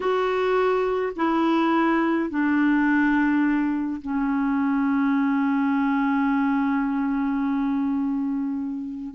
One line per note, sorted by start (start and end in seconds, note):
0.00 1.12 F#4
1.16 2.29 E4
2.29 4.01 D4
4.01 9.14 C#4